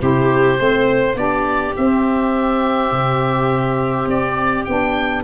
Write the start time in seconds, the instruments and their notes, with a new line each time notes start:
0.00 tuba C3, saxophone E4, viola G4, oboe C5
0.57 tuba A3, saxophone C4, viola C5
1.15 tuba B3, saxophone D4, viola G4, oboe D5
1.77 tuba C4, saxophone C4, oboe E5
2.92 tuba C3
4.06 tuba C4, oboe D5
4.65 tuba B3, saxophone D4, oboe G5